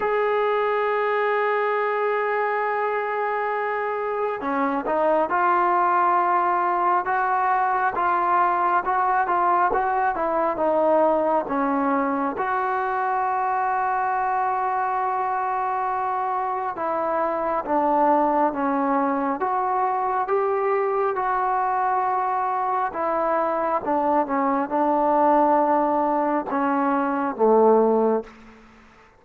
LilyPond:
\new Staff \with { instrumentName = "trombone" } { \time 4/4 \tempo 4 = 68 gis'1~ | gis'4 cis'8 dis'8 f'2 | fis'4 f'4 fis'8 f'8 fis'8 e'8 | dis'4 cis'4 fis'2~ |
fis'2. e'4 | d'4 cis'4 fis'4 g'4 | fis'2 e'4 d'8 cis'8 | d'2 cis'4 a4 | }